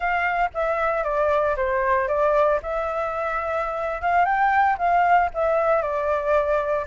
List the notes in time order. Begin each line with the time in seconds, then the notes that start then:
0.00 F5
0.54 E5
1.03 D5
1.56 C5
2.08 D5
2.62 E5
4.01 F5
4.25 G5
4.78 F5
5.33 E5
5.82 D5